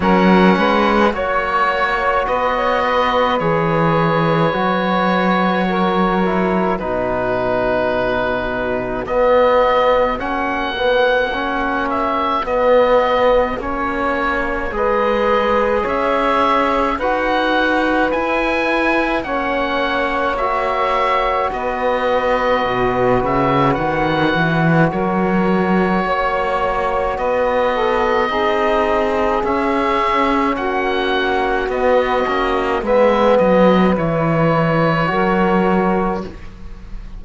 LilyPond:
<<
  \new Staff \with { instrumentName = "oboe" } { \time 4/4 \tempo 4 = 53 fis''4 cis''4 dis''4 cis''4~ | cis''2 b'2 | dis''4 fis''4. e''8 dis''4 | cis''4 dis''4 e''4 fis''4 |
gis''4 fis''4 e''4 dis''4~ | dis''8 e''8 fis''4 cis''2 | dis''2 e''4 fis''4 | dis''4 e''8 dis''8 cis''2 | }
  \new Staff \with { instrumentName = "saxophone" } { \time 4/4 ais'8 b'8 cis''4 b'16 cis''16 b'4.~ | b'4 ais'4 fis'2~ | fis'1~ | fis'4 b'4 cis''4 b'4~ |
b'4 cis''2 b'4~ | b'2 ais'4 cis''4 | b'8 a'8 gis'2 fis'4~ | fis'4 b'2 ais'4 | }
  \new Staff \with { instrumentName = "trombone" } { \time 4/4 cis'4 fis'2 gis'4 | fis'4. e'8 dis'2 | b4 cis'8 b8 cis'4 b4 | cis'4 gis'2 fis'4 |
e'4 cis'4 fis'2~ | fis'1~ | fis'4 dis'4 cis'2 | b8 cis'8 b4 e'4 fis'4 | }
  \new Staff \with { instrumentName = "cello" } { \time 4/4 fis8 gis8 ais4 b4 e4 | fis2 b,2 | b4 ais2 b4 | ais4 gis4 cis'4 dis'4 |
e'4 ais2 b4 | b,8 cis8 dis8 e8 fis4 ais4 | b4 c'4 cis'4 ais4 | b8 ais8 gis8 fis8 e4 fis4 | }
>>